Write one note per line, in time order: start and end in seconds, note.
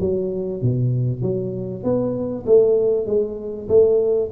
0.00 0.62 F#3
0.62 1.22 B2
1.22 1.83 F#3
1.83 2.45 B3
2.46 3.06 A3
3.06 3.68 G#3
3.68 4.30 A3